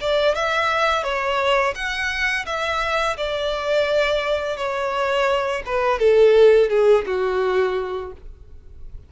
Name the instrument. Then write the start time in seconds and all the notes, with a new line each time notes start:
violin
0.00 D5
0.35 E5
1.03 C#5
1.75 F#5
2.45 E5
3.17 D5
4.57 C#5
5.66 B4
5.99 A4
6.69 G#4
7.06 F#4